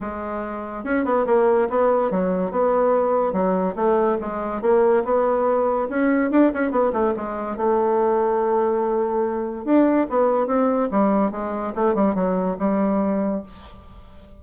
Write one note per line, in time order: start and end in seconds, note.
0.00 0.84 G#3
0.84 1.04 C#4
1.04 1.25 B3
1.26 1.68 A#3
1.69 2.10 B3
2.10 2.51 F#3
2.51 3.32 B3
3.32 3.74 F#3
3.75 4.17 A3
4.21 4.61 G#3
4.61 5.03 A#3
5.04 5.88 B3
5.89 6.31 C#4
6.31 6.51 D4
6.53 6.71 C#4
6.71 6.92 B3
6.92 7.13 A3
7.16 7.56 G#3
7.56 9.65 A3
9.65 10.07 D4
10.09 10.47 B3
10.47 10.89 C4
10.91 11.31 G3
11.31 11.73 G#3
11.75 11.94 A3
11.94 12.14 G3
12.14 12.56 F#3
12.59 13.42 G3